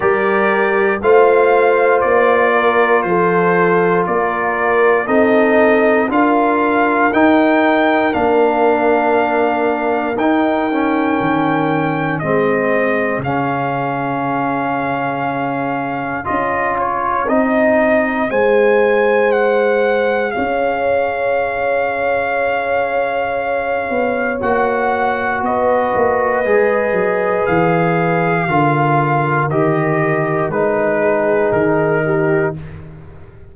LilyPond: <<
  \new Staff \with { instrumentName = "trumpet" } { \time 4/4 \tempo 4 = 59 d''4 f''4 d''4 c''4 | d''4 dis''4 f''4 g''4 | f''2 g''2 | dis''4 f''2. |
dis''8 cis''8 dis''4 gis''4 fis''4 | f''1 | fis''4 dis''2 f''4~ | f''4 dis''4 b'4 ais'4 | }
  \new Staff \with { instrumentName = "horn" } { \time 4/4 ais'4 c''4. ais'8 a'4 | ais'4 a'4 ais'2~ | ais'1 | gis'1~ |
gis'2 c''2 | cis''1~ | cis''4 b'2. | ais'2~ ais'8 gis'4 g'8 | }
  \new Staff \with { instrumentName = "trombone" } { \time 4/4 g'4 f'2.~ | f'4 dis'4 f'4 dis'4 | d'2 dis'8 cis'4. | c'4 cis'2. |
f'4 dis'4 gis'2~ | gis'1 | fis'2 gis'2 | f'4 g'4 dis'2 | }
  \new Staff \with { instrumentName = "tuba" } { \time 4/4 g4 a4 ais4 f4 | ais4 c'4 d'4 dis'4 | ais2 dis'4 dis4 | gis4 cis2. |
cis'4 c'4 gis2 | cis'2.~ cis'8 b8 | ais4 b8 ais8 gis8 fis8 e4 | d4 dis4 gis4 dis4 | }
>>